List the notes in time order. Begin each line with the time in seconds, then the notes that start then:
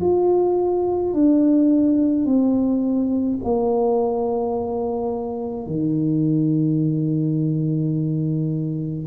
0.00 F4
1.13 D4
2.25 C4
3.44 A#3
5.66 D#3